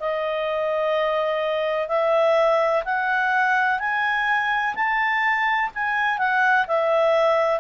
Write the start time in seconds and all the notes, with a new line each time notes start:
0.00 D#5
1.88 E5
2.85 F#5
3.80 G#5
4.75 A5
5.74 G#5
6.18 F#5
6.68 E5